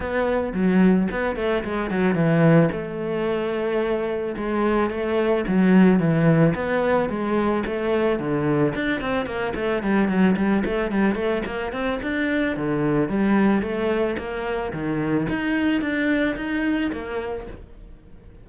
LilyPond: \new Staff \with { instrumentName = "cello" } { \time 4/4 \tempo 4 = 110 b4 fis4 b8 a8 gis8 fis8 | e4 a2. | gis4 a4 fis4 e4 | b4 gis4 a4 d4 |
d'8 c'8 ais8 a8 g8 fis8 g8 a8 | g8 a8 ais8 c'8 d'4 d4 | g4 a4 ais4 dis4 | dis'4 d'4 dis'4 ais4 | }